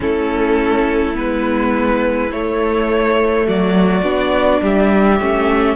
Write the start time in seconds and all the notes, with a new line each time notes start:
0.00 A3 C#4 E4 A4
1.14 G#3 B3 B4
2.31 A3 C#5
3.46 F#3 F#4 D5
4.02 B3 D4
4.62 G3 G4 E5
5.19 A3 C#4